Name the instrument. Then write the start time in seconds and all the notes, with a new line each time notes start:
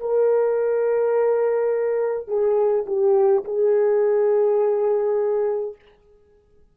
horn
0.00 A#4
2.28 G#4
2.86 G4
3.45 G#4